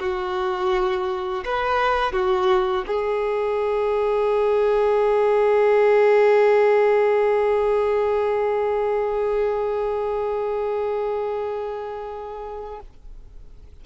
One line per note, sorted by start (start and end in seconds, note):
0.00 1.45 F#4
1.45 2.13 B4
2.13 2.85 F#4
2.87 12.81 G#4